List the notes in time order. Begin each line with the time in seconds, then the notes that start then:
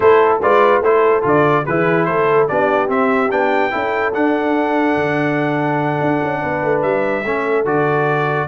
0.00 A3 E4 A4 C5
0.41 G#3 F4 B4 D5
0.80 A3 E4 A4 C5
1.22 D3 F4 D5
1.65 E3 E4 G#4 B4
2.05 A3 A4 C5
2.48 B3 D4 G4 D5
2.87 C4 E5
3.30 B3 D4 G5
3.70 C#4 E4 A4
4.13 D4 F#5
4.96 D3
6.00 D4
6.22 C#4
6.41 B3 B4
6.62 A3
6.82 G3 E5
7.24 A3 C#4 A4
7.65 D3 F#4 D5